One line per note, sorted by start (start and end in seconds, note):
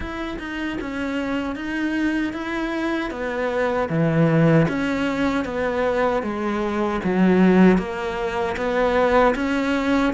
0.00 0.38 E4
0.39 0.78 D#4
0.80 1.55 C#4
1.55 2.33 D#4
2.33 3.11 E4
3.11 3.89 B3
3.89 4.66 E3
4.68 5.44 C#4
5.44 6.22 B3
6.22 7.00 G#3
7.04 7.78 F#3
7.78 8.56 A#3
8.56 9.34 B3
9.35 10.13 C#4